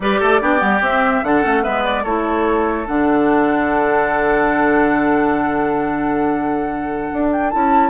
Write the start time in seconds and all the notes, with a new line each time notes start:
0.00 G3 G4 B4 D5
0.20 A3 A4
0.41 B3 D4 G4
0.58 G3 B3
0.81 C4 E5
1.23 D3 D4 A4 F#5
1.42 A3 C#4
1.62 G#3 B3 B4 E5
1.84 D5
2.03 A3 E4 A4 C#5
2.85 D3 D4 F#5
7.12 D4
7.31 G5
7.50 C#4 E4 A5